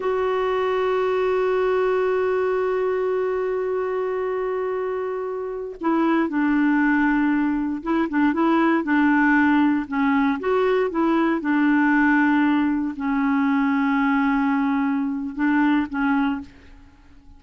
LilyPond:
\new Staff \with { instrumentName = "clarinet" } { \time 4/4 \tempo 4 = 117 fis'1~ | fis'1~ | fis'2.~ fis'16 e'8.~ | e'16 d'2. e'8 d'16~ |
d'16 e'4 d'2 cis'8.~ | cis'16 fis'4 e'4 d'4.~ d'16~ | d'4~ d'16 cis'2~ cis'8.~ | cis'2 d'4 cis'4 | }